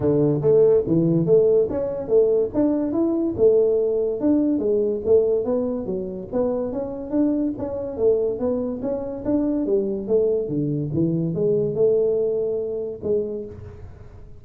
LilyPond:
\new Staff \with { instrumentName = "tuba" } { \time 4/4 \tempo 4 = 143 d4 a4 e4 a4 | cis'4 a4 d'4 e'4 | a2 d'4 gis4 | a4 b4 fis4 b4 |
cis'4 d'4 cis'4 a4 | b4 cis'4 d'4 g4 | a4 d4 e4 gis4 | a2. gis4 | }